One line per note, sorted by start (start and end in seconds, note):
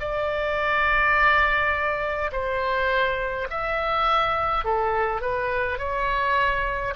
0.00 2.31 D5
2.32 3.48 C5
3.50 4.65 E5
4.65 5.21 A4
5.21 5.78 B4
5.78 6.94 C#5